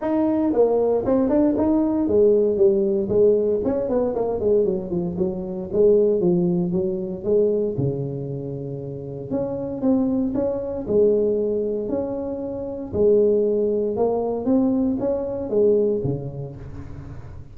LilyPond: \new Staff \with { instrumentName = "tuba" } { \time 4/4 \tempo 4 = 116 dis'4 ais4 c'8 d'8 dis'4 | gis4 g4 gis4 cis'8 b8 | ais8 gis8 fis8 f8 fis4 gis4 | f4 fis4 gis4 cis4~ |
cis2 cis'4 c'4 | cis'4 gis2 cis'4~ | cis'4 gis2 ais4 | c'4 cis'4 gis4 cis4 | }